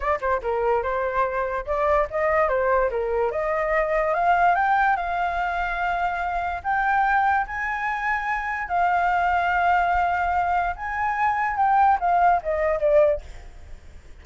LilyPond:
\new Staff \with { instrumentName = "flute" } { \time 4/4 \tempo 4 = 145 d''8 c''8 ais'4 c''2 | d''4 dis''4 c''4 ais'4 | dis''2 f''4 g''4 | f''1 |
g''2 gis''2~ | gis''4 f''2.~ | f''2 gis''2 | g''4 f''4 dis''4 d''4 | }